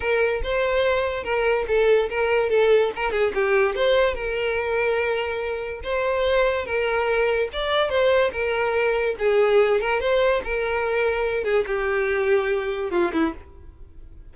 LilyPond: \new Staff \with { instrumentName = "violin" } { \time 4/4 \tempo 4 = 144 ais'4 c''2 ais'4 | a'4 ais'4 a'4 ais'8 gis'8 | g'4 c''4 ais'2~ | ais'2 c''2 |
ais'2 d''4 c''4 | ais'2 gis'4. ais'8 | c''4 ais'2~ ais'8 gis'8 | g'2. f'8 e'8 | }